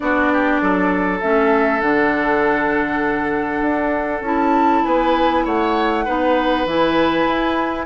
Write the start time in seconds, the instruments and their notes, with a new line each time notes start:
0.00 bassoon B3, clarinet D4, oboe F#4, flute D5
0.32 oboe G4
0.61 bassoon F#3, oboe A4
1.21 bassoon A3, clarinet C#4, flute E5
1.80 bassoon D3, clarinet D4, flute F#5
3.61 bassoon D4
4.21 bassoon C#4, clarinet E4, flute A5
4.84 bassoon B3, oboe B4, flute G#5
5.44 bassoon A3, oboe C#5, flute F#5
6.05 bassoon B3, clarinet D#4, oboe B4
6.65 bassoon E3, clarinet E4, flute G#5
7.26 bassoon E4